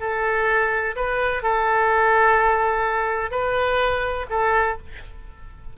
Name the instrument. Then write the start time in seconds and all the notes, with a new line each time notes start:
oboe
0.00 A4
0.95 B4
1.42 A4
3.31 B4
4.30 A4